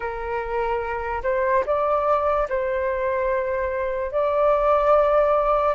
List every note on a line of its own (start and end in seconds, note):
0.00 1.22 A#4
1.23 1.64 C5
1.66 2.48 D5
2.48 4.11 C5
4.11 5.75 D5